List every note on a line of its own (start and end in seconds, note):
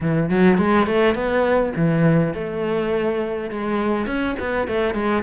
0.00 0.29 E3
0.29 0.57 F#3
0.57 0.86 G#3
0.86 1.14 A3
1.14 1.73 B3
1.76 2.34 E3
2.34 3.50 A3
3.50 4.06 G#3
4.06 4.35 C#4
4.39 4.67 B3
4.67 4.94 A3
4.94 5.22 G#3